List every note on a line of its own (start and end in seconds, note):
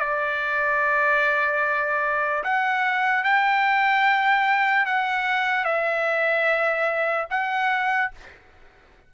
0.00 2.43 D5
2.44 3.24 F#5
3.24 4.86 G5
4.86 5.65 F#5
5.65 7.27 E5
7.30 8.11 F#5